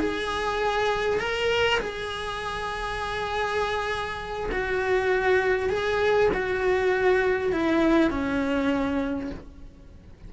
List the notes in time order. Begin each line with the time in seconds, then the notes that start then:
0.00 G#4
1.20 A#4
1.80 G#4
4.52 F#4
5.70 G#4
6.34 F#4
7.52 E4
8.11 C#4